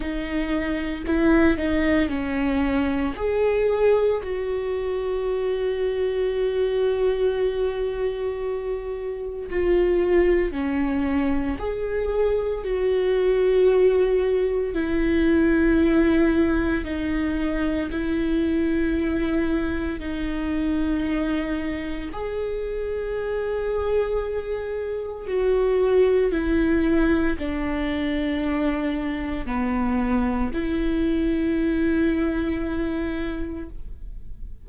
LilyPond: \new Staff \with { instrumentName = "viola" } { \time 4/4 \tempo 4 = 57 dis'4 e'8 dis'8 cis'4 gis'4 | fis'1~ | fis'4 f'4 cis'4 gis'4 | fis'2 e'2 |
dis'4 e'2 dis'4~ | dis'4 gis'2. | fis'4 e'4 d'2 | b4 e'2. | }